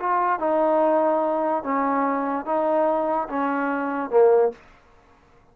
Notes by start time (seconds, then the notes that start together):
0.00 F4
0.39 D#4
1.64 C#4
2.46 D#4
3.30 C#4
4.11 A#3